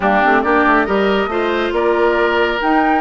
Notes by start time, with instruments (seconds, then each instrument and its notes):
0.00 bassoon G3, clarinet A#3, oboe D4, flute G4
0.22 bassoon A3, clarinet C4
0.42 bassoon A#3, clarinet D4, oboe G4, flute D5
0.66 bassoon A3
0.85 bassoon G3, clarinet G4, oboe A#4, flute D#5
1.26 bassoon A3, clarinet F4, oboe C5
1.72 bassoon A#3, oboe A#4, flute D5
2.60 clarinet D#4, bassoon D#4, flute G5